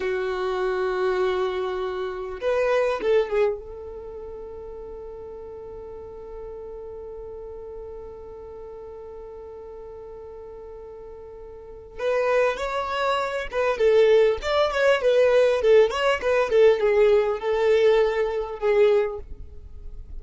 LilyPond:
\new Staff \with { instrumentName = "violin" } { \time 4/4 \tempo 4 = 100 fis'1 | b'4 a'8 gis'8 a'2~ | a'1~ | a'1~ |
a'1 | b'4 cis''4. b'8 a'4 | d''8 cis''8 b'4 a'8 cis''8 b'8 a'8 | gis'4 a'2 gis'4 | }